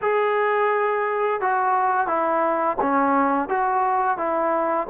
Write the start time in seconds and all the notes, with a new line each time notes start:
0.01 G#4
1.40 F#4
2.07 E4
2.81 C#4
3.48 F#4
4.17 E4